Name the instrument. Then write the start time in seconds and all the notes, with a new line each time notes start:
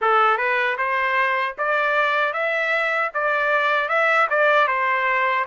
trumpet
0.01 A4
0.37 B4
0.77 C5
1.58 D5
2.33 E5
3.14 D5
3.88 E5
4.30 D5
4.67 C5